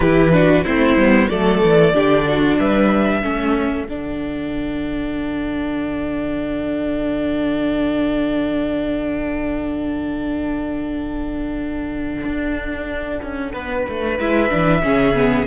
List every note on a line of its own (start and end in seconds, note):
0.00 0.64 E3
0.00 0.32 E4
0.00 0.32 G4
0.00 0.63 B4
0.32 0.64 D4
0.32 0.64 F#4
0.64 0.95 A3
0.64 0.98 C4
0.64 1.28 E4
0.64 1.28 C5
0.95 1.27 G3
0.95 1.30 B3
1.28 1.61 F#3
1.28 1.94 A3
1.28 1.93 A4
1.28 2.57 D5
1.61 1.93 E3
1.94 2.58 D3
1.94 3.22 D4
1.94 2.26 G4
2.27 2.59 F#4
2.58 3.22 G3
2.58 3.23 B4
2.58 3.87 E5
3.22 3.86 A3
3.22 3.87 C#4
3.22 13.52 A4
3.86 12.24 D3
3.86 14.19 D4
3.86 14.19 F#5
12.24 13.21 D4
13.22 13.53 C#4
13.52 13.85 B3
13.52 14.81 B4
13.88 14.18 A3
14.18 14.51 G#3
14.18 14.49 E4
14.18 15.46 E5
14.49 14.83 E3
14.49 14.82 D4
14.82 15.46 C#3
14.82 15.14 C#4
14.82 15.46 G#4
15.14 15.46 B3